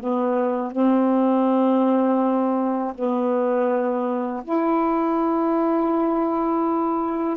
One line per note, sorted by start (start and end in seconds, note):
0.00 0.72 B3
0.72 2.94 C4
2.95 4.43 B3
4.44 7.37 E4